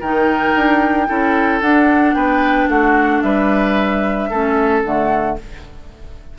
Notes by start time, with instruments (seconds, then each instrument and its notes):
0.00 bassoon D#3, clarinet D#4, oboe A#4, flute G5
0.55 bassoon D4
1.07 bassoon C#4, clarinet E4, oboe A4
1.61 bassoon D4, clarinet D4, flute F#5
2.14 bassoon B3, oboe B4, flute G5
2.68 bassoon A3, oboe F#4, flute F#5
3.22 bassoon G3, oboe B4, flute E5
4.29 bassoon A3, clarinet C#4, oboe A4
4.83 bassoon D3, clarinet A3, flute F#5